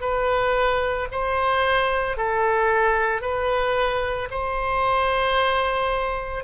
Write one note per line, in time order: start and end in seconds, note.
0.00 1.07 B4
1.11 2.16 C5
2.16 3.21 A4
3.21 4.28 B4
4.30 6.44 C5